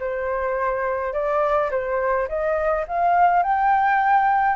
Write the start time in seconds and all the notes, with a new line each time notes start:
0.00 C5
1.14 D5
1.71 C5
2.29 D#5
2.88 F5
3.43 G5